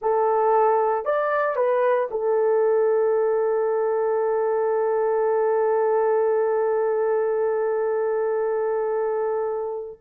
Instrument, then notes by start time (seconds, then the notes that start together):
horn
0.01 A4
1.05 D5
1.56 B4
2.11 A4